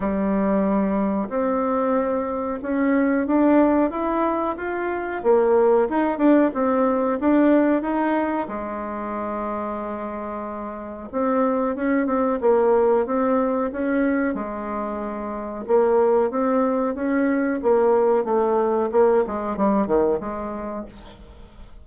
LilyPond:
\new Staff \with { instrumentName = "bassoon" } { \time 4/4 \tempo 4 = 92 g2 c'2 | cis'4 d'4 e'4 f'4 | ais4 dis'8 d'8 c'4 d'4 | dis'4 gis2.~ |
gis4 c'4 cis'8 c'8 ais4 | c'4 cis'4 gis2 | ais4 c'4 cis'4 ais4 | a4 ais8 gis8 g8 dis8 gis4 | }